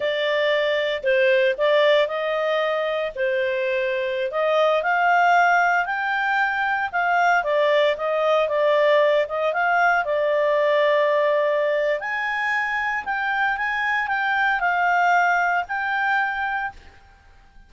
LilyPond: \new Staff \with { instrumentName = "clarinet" } { \time 4/4 \tempo 4 = 115 d''2 c''4 d''4 | dis''2 c''2~ | c''16 dis''4 f''2 g''8.~ | g''4~ g''16 f''4 d''4 dis''8.~ |
dis''16 d''4. dis''8 f''4 d''8.~ | d''2. gis''4~ | gis''4 g''4 gis''4 g''4 | f''2 g''2 | }